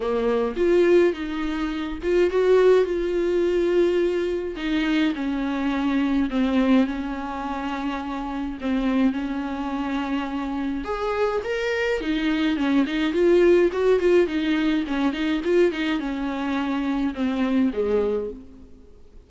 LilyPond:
\new Staff \with { instrumentName = "viola" } { \time 4/4 \tempo 4 = 105 ais4 f'4 dis'4. f'8 | fis'4 f'2. | dis'4 cis'2 c'4 | cis'2. c'4 |
cis'2. gis'4 | ais'4 dis'4 cis'8 dis'8 f'4 | fis'8 f'8 dis'4 cis'8 dis'8 f'8 dis'8 | cis'2 c'4 gis4 | }